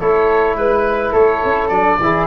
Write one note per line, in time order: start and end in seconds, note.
0.00 0.56 A3
0.00 1.72 E4
0.00 0.57 A4
0.00 0.57 C#5
0.56 1.13 G#3
0.56 1.14 B4
0.56 1.12 B4
1.12 1.42 A3
1.12 1.98 A4
1.12 1.69 C#5
1.45 1.70 C#4
1.69 1.99 F#3
1.69 2.00 D4
1.69 2.26 D5
2.00 2.27 E3
2.00 2.27 E4
2.00 2.27 G#4